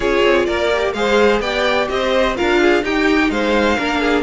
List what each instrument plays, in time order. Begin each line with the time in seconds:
0.00 cello C#4, viola F4, violin G#4 C#5
0.23 cello C4
0.45 cello A#3, violin A#4 D5
0.72 viola G4
0.93 cello G#3, viola G#4, violin C5 F5
1.40 cello B3, viola G4, violin D5 G5
1.88 cello C4, violin C5 D#5
2.35 cello D4, viola F4, violin A#4 F5
2.61 violin G#4
2.82 cello D#4, viola D#4, violin G4 G5
3.30 cello G#3, violin C5 F5
3.77 cello A#3, viola D4, violin A#4
4.00 violin G#4